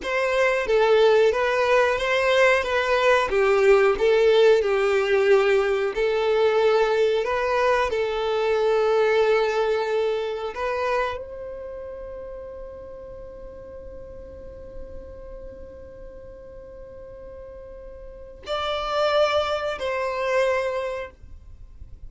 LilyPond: \new Staff \with { instrumentName = "violin" } { \time 4/4 \tempo 4 = 91 c''4 a'4 b'4 c''4 | b'4 g'4 a'4 g'4~ | g'4 a'2 b'4 | a'1 |
b'4 c''2.~ | c''1~ | c''1 | d''2 c''2 | }